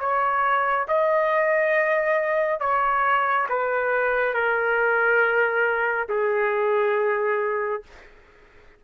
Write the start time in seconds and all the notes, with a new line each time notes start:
0.00 C#5
0.89 D#5
2.60 C#5
3.49 B4
4.34 A#4
6.09 G#4